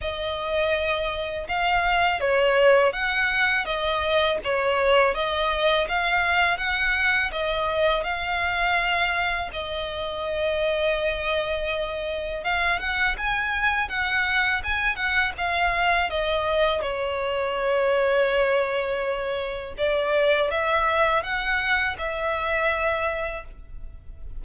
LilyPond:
\new Staff \with { instrumentName = "violin" } { \time 4/4 \tempo 4 = 82 dis''2 f''4 cis''4 | fis''4 dis''4 cis''4 dis''4 | f''4 fis''4 dis''4 f''4~ | f''4 dis''2.~ |
dis''4 f''8 fis''8 gis''4 fis''4 | gis''8 fis''8 f''4 dis''4 cis''4~ | cis''2. d''4 | e''4 fis''4 e''2 | }